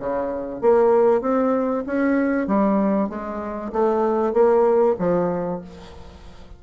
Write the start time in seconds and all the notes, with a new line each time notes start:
0.00 C#3
0.62 A#3
1.22 C4
1.87 C#4
2.48 G3
3.10 G#3
3.73 A3
4.34 A#3
4.99 F3